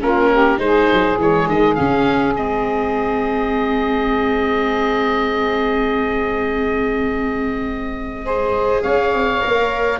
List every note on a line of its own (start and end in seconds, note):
0.00 0.59 A#3
0.00 0.58 C#4
0.00 0.31 F4
0.00 0.59 A#4
0.31 0.61 G4
0.58 0.88 G#3
0.58 1.16 D#4
0.58 8.25 G#4
0.58 1.18 C5
0.93 1.17 F#3
1.17 1.47 E3
1.17 1.79 G#3
1.17 1.49 C#5
1.49 1.78 D#3
1.49 1.75 D#5
1.75 2.38 C#3
1.75 2.36 C#4
1.75 2.34 F5
2.36 8.84 G#3
2.36 8.25 C4
2.36 8.83 D#5
8.25 9.41 G#4
8.25 8.82 C5
8.82 9.13 C#4
8.82 10.00 C#5
8.82 10.00 F5
9.13 9.43 C4
9.41 10.00 A#3
9.41 10.00 A#4